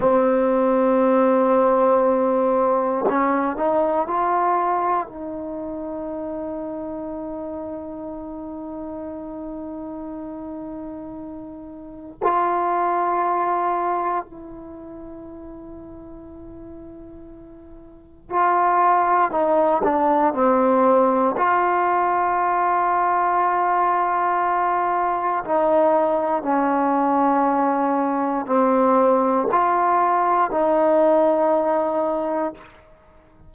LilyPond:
\new Staff \with { instrumentName = "trombone" } { \time 4/4 \tempo 4 = 59 c'2. cis'8 dis'8 | f'4 dis'2.~ | dis'1 | f'2 e'2~ |
e'2 f'4 dis'8 d'8 | c'4 f'2.~ | f'4 dis'4 cis'2 | c'4 f'4 dis'2 | }